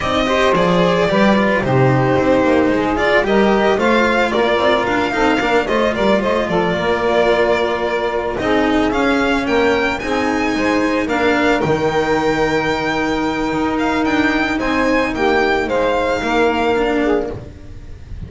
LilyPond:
<<
  \new Staff \with { instrumentName = "violin" } { \time 4/4 \tempo 4 = 111 dis''4 d''2 c''4~ | c''4. d''8 dis''4 f''4 | d''4 f''4. dis''8 d''8 dis''8 | d''2.~ d''8 dis''8~ |
dis''8 f''4 g''4 gis''4.~ | gis''8 f''4 g''2~ g''8~ | g''4. f''8 g''4 gis''4 | g''4 f''2. | }
  \new Staff \with { instrumentName = "saxophone" } { \time 4/4 d''8 c''4. b'4 g'4~ | g'4 gis'4 ais'4 c''4 | ais'4. a'8 ais'8 c''8 ais'8 c''8 | a'8 ais'2. gis'8~ |
gis'4. ais'4 gis'4 c''8~ | c''8 ais'2.~ ais'8~ | ais'2. c''4 | g'4 c''4 ais'4. gis'8 | }
  \new Staff \with { instrumentName = "cello" } { \time 4/4 dis'8 g'8 gis'4 g'8 f'8 dis'4~ | dis'4. f'8 g'4 f'4~ | f'4. dis'8 d'8 f'4.~ | f'2.~ f'8 dis'8~ |
dis'8 cis'2 dis'4.~ | dis'8 d'4 dis'2~ dis'8~ | dis'1~ | dis'2. d'4 | }
  \new Staff \with { instrumentName = "double bass" } { \time 4/4 c'4 f4 g4 c4 | c'8 ais8 gis4 g4 a4 | ais8 c'8 d'8 c'8 ais8 a8 g8 a8 | f8 ais2. c'8~ |
c'8 cis'4 ais4 c'4 gis8~ | gis8 ais4 dis2~ dis8~ | dis4 dis'4 d'4 c'4 | ais4 gis4 ais2 | }
>>